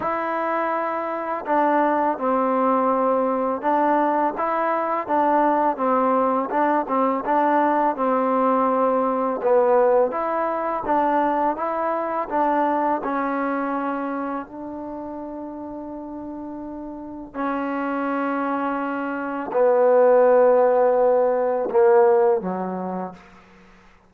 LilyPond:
\new Staff \with { instrumentName = "trombone" } { \time 4/4 \tempo 4 = 83 e'2 d'4 c'4~ | c'4 d'4 e'4 d'4 | c'4 d'8 c'8 d'4 c'4~ | c'4 b4 e'4 d'4 |
e'4 d'4 cis'2 | d'1 | cis'2. b4~ | b2 ais4 fis4 | }